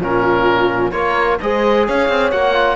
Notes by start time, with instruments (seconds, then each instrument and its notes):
0.00 cello A#2, trombone C#4, horn F4, oboe A#4
0.91 cello A#3, trombone F4, horn A#4, oboe C#5
1.41 cello G#3, trombone G#4, horn C5, oboe D#5
1.87 cello C#4, horn C#5, oboe F5
2.09 cello C4
2.31 cello A#3, trombone F#4, oboe F#5
2.54 trombone F4